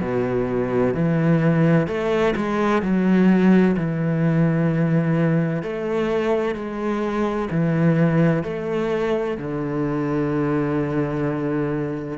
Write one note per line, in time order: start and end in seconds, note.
0.00 0.94 B2
0.94 1.87 E3
1.87 2.34 A3
2.36 2.82 G#3
2.82 3.76 F#3
3.77 5.62 E3
5.62 6.55 A3
6.55 7.49 G#3
7.50 8.43 E3
8.43 9.37 A3
9.37 12.18 D3